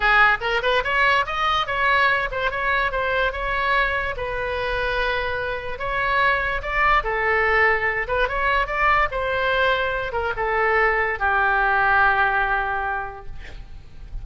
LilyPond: \new Staff \with { instrumentName = "oboe" } { \time 4/4 \tempo 4 = 145 gis'4 ais'8 b'8 cis''4 dis''4 | cis''4. c''8 cis''4 c''4 | cis''2 b'2~ | b'2 cis''2 |
d''4 a'2~ a'8 b'8 | cis''4 d''4 c''2~ | c''8 ais'8 a'2 g'4~ | g'1 | }